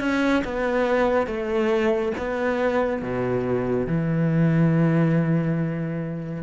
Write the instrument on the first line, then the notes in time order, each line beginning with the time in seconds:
cello
0.00 C#4
0.44 B3
1.27 A3
2.17 B3
3.02 B2
3.87 E3